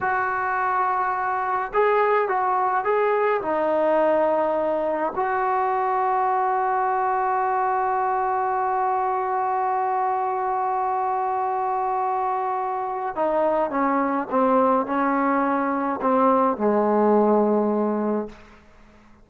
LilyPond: \new Staff \with { instrumentName = "trombone" } { \time 4/4 \tempo 4 = 105 fis'2. gis'4 | fis'4 gis'4 dis'2~ | dis'4 fis'2.~ | fis'1~ |
fis'1~ | fis'2. dis'4 | cis'4 c'4 cis'2 | c'4 gis2. | }